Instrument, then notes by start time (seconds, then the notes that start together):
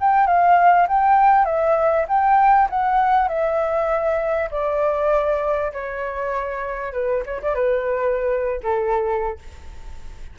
flute
0.00 G5
0.26 F5
0.88 G5
1.45 E5
2.08 G5
2.70 F#5
3.28 E5
4.51 D5
5.73 C#5
6.93 B4
7.26 C#5
7.42 D5
7.55 B4
8.63 A4